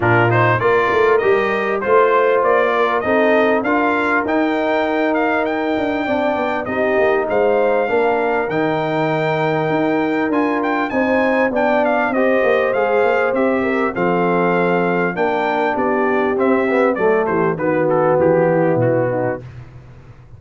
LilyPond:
<<
  \new Staff \with { instrumentName = "trumpet" } { \time 4/4 \tempo 4 = 99 ais'8 c''8 d''4 dis''4 c''4 | d''4 dis''4 f''4 g''4~ | g''8 f''8 g''2 dis''4 | f''2 g''2~ |
g''4 gis''8 g''8 gis''4 g''8 f''8 | dis''4 f''4 e''4 f''4~ | f''4 g''4 d''4 e''4 | d''8 c''8 b'8 a'8 g'4 fis'4 | }
  \new Staff \with { instrumentName = "horn" } { \time 4/4 f'4 ais'2 c''4~ | c''8 ais'8 a'4 ais'2~ | ais'2 d''4 g'4 | c''4 ais'2.~ |
ais'2 c''4 d''4 | c''2~ c''8 ais'8 a'4~ | a'4 ais'4 g'2 | a'8 g'8 fis'4. e'4 dis'8 | }
  \new Staff \with { instrumentName = "trombone" } { \time 4/4 d'8 dis'8 f'4 g'4 f'4~ | f'4 dis'4 f'4 dis'4~ | dis'2 d'4 dis'4~ | dis'4 d'4 dis'2~ |
dis'4 f'4 dis'4 d'4 | g'4 gis'4 g'4 c'4~ | c'4 d'2 c'8 b8 | a4 b2. | }
  \new Staff \with { instrumentName = "tuba" } { \time 4/4 ais,4 ais8 a8 g4 a4 | ais4 c'4 d'4 dis'4~ | dis'4. d'8 c'8 b8 c'8 ais8 | gis4 ais4 dis2 |
dis'4 d'4 c'4 b4 | c'8 ais8 gis8 ais8 c'4 f4~ | f4 ais4 b4 c'4 | fis8 e8 dis4 e4 b,4 | }
>>